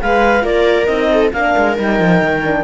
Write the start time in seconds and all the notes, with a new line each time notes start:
0.00 G#3 G#4 B4 F5
0.41 A#3 F4 A#4 D5
0.86 C4 D#4 D#5
1.12 A4
1.33 A#3 D4 A#4 F5
1.57 G#3
1.76 G3 D#4 G5
1.99 F3
2.22 D#3
2.44 D4